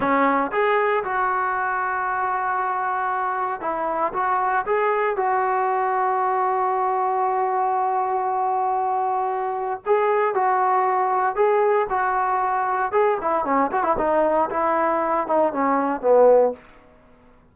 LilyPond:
\new Staff \with { instrumentName = "trombone" } { \time 4/4 \tempo 4 = 116 cis'4 gis'4 fis'2~ | fis'2. e'4 | fis'4 gis'4 fis'2~ | fis'1~ |
fis'2. gis'4 | fis'2 gis'4 fis'4~ | fis'4 gis'8 e'8 cis'8 fis'16 e'16 dis'4 | e'4. dis'8 cis'4 b4 | }